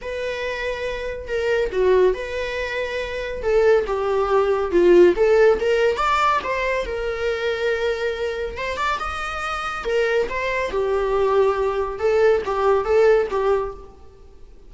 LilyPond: \new Staff \with { instrumentName = "viola" } { \time 4/4 \tempo 4 = 140 b'2. ais'4 | fis'4 b'2. | a'4 g'2 f'4 | a'4 ais'4 d''4 c''4 |
ais'1 | c''8 d''8 dis''2 ais'4 | c''4 g'2. | a'4 g'4 a'4 g'4 | }